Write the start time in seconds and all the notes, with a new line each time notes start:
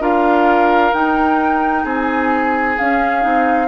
0.00 D4 F4 A#4 F5
0.92 D#4 G5
1.84 C4 G#4 G#5
2.78 C#4 F5
3.21 C4 D#4